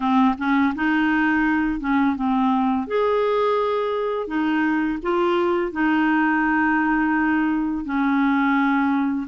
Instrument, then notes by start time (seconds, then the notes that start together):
clarinet
0.00 C4
0.38 C#4
0.75 D#4
1.80 C#4
2.16 C4
2.87 G#4
4.27 D#4
5.02 F4
5.72 D#4
7.84 C#4